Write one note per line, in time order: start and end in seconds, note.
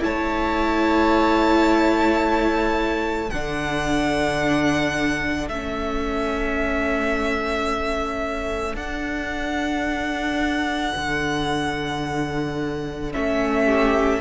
0.00 3.31 A3
0.00 3.27 E4
0.00 3.30 C#5
0.00 3.30 A5
3.30 5.48 D3
3.30 5.51 D4
3.30 13.65 A4
3.30 5.48 F#5
5.48 8.74 A3
5.48 8.76 C#4
5.48 8.76 E5
8.74 10.92 D4
8.74 13.12 D4
8.74 13.12 F#5
10.96 13.14 D3
13.12 14.21 A3
13.12 14.21 C#4
13.12 14.21 E5
13.65 14.19 G4